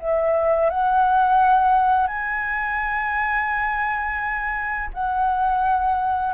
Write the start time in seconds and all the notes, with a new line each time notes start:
0.00 E5
0.70 F#5
2.07 G#5
4.93 F#5